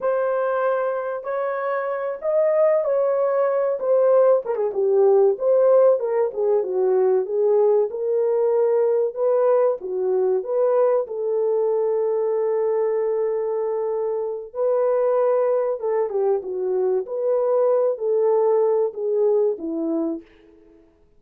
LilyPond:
\new Staff \with { instrumentName = "horn" } { \time 4/4 \tempo 4 = 95 c''2 cis''4. dis''8~ | dis''8 cis''4. c''4 ais'16 gis'16 g'8~ | g'8 c''4 ais'8 gis'8 fis'4 gis'8~ | gis'8 ais'2 b'4 fis'8~ |
fis'8 b'4 a'2~ a'8~ | a'2. b'4~ | b'4 a'8 g'8 fis'4 b'4~ | b'8 a'4. gis'4 e'4 | }